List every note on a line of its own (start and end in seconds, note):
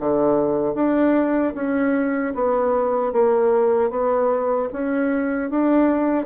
0.00 0.75 D3
0.75 1.54 D4
1.55 2.34 C#4
2.35 3.13 B3
3.13 3.90 A#3
3.90 4.69 B3
4.73 5.50 C#4
5.50 6.26 D4